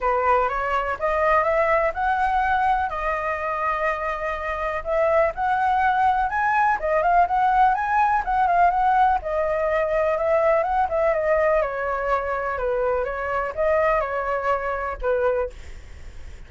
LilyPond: \new Staff \with { instrumentName = "flute" } { \time 4/4 \tempo 4 = 124 b'4 cis''4 dis''4 e''4 | fis''2 dis''2~ | dis''2 e''4 fis''4~ | fis''4 gis''4 dis''8 f''8 fis''4 |
gis''4 fis''8 f''8 fis''4 dis''4~ | dis''4 e''4 fis''8 e''8 dis''4 | cis''2 b'4 cis''4 | dis''4 cis''2 b'4 | }